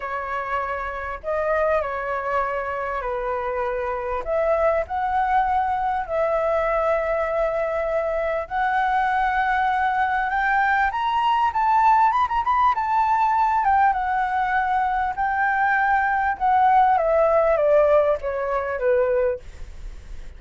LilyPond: \new Staff \with { instrumentName = "flute" } { \time 4/4 \tempo 4 = 99 cis''2 dis''4 cis''4~ | cis''4 b'2 e''4 | fis''2 e''2~ | e''2 fis''2~ |
fis''4 g''4 ais''4 a''4 | b''16 ais''16 b''8 a''4. g''8 fis''4~ | fis''4 g''2 fis''4 | e''4 d''4 cis''4 b'4 | }